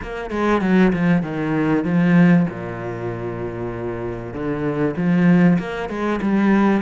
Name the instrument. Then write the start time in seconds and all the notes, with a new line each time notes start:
cello
0.02 A#3
0.30 G#3
0.61 F#3
0.93 F3
1.22 D#3
1.84 F3
2.49 A#2
4.33 D3
4.96 F3
5.58 A#3
5.89 G#3
6.21 G3